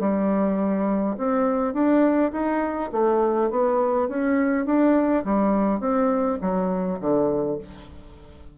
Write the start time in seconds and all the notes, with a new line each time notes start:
0.00 G3
1.18 C4
1.74 D4
2.32 D#4
2.93 A3
3.51 B3
4.09 C#4
4.66 D4
5.25 G3
5.81 C4
6.42 F#3
7.00 D3